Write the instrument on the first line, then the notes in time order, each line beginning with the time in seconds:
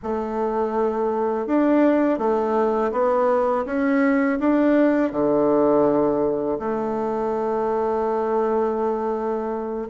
bassoon
0.03 A3
1.46 D4
2.18 A3
2.92 B3
3.66 C#4
4.39 D4
5.12 D3
6.59 A3